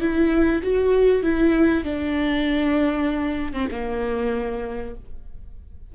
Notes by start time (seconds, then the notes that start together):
0.00 E4
0.62 F#4
1.22 E4
1.84 D4
3.53 C4
3.71 A#3